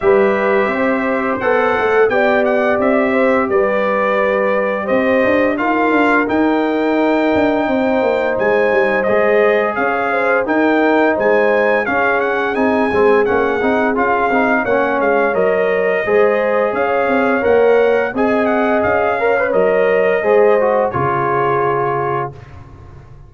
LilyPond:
<<
  \new Staff \with { instrumentName = "trumpet" } { \time 4/4 \tempo 4 = 86 e''2 fis''4 g''8 fis''8 | e''4 d''2 dis''4 | f''4 g''2. | gis''4 dis''4 f''4 g''4 |
gis''4 f''8 fis''8 gis''4 fis''4 | f''4 fis''8 f''8 dis''2 | f''4 fis''4 gis''8 fis''8 f''4 | dis''2 cis''2 | }
  \new Staff \with { instrumentName = "horn" } { \time 4/4 b'4 c''2 d''4~ | d''8 c''8 b'2 c''4 | ais'2. c''4~ | c''2 cis''8 c''8 ais'4 |
c''4 gis'2.~ | gis'4 cis''2 c''4 | cis''2 dis''4. cis''8~ | cis''4 c''4 gis'2 | }
  \new Staff \with { instrumentName = "trombone" } { \time 4/4 g'2 a'4 g'4~ | g'1 | f'4 dis'2.~ | dis'4 gis'2 dis'4~ |
dis'4 cis'4 dis'8 c'8 cis'8 dis'8 | f'8 dis'8 cis'4 ais'4 gis'4~ | gis'4 ais'4 gis'4. ais'16 b'16 | ais'4 gis'8 fis'8 f'2 | }
  \new Staff \with { instrumentName = "tuba" } { \time 4/4 g4 c'4 b8 a8 b4 | c'4 g2 c'8 d'8 | dis'8 d'8 dis'4. d'8 c'8 ais8 | gis8 g8 gis4 cis'4 dis'4 |
gis4 cis'4 c'8 gis8 ais8 c'8 | cis'8 c'8 ais8 gis8 fis4 gis4 | cis'8 c'8 ais4 c'4 cis'4 | fis4 gis4 cis2 | }
>>